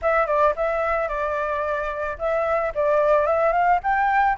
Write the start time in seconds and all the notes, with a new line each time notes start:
0.01 E5
0.26 D5
0.56 E5
1.08 D5
2.18 E5
2.74 D5
3.26 E5
3.52 F5
3.83 G5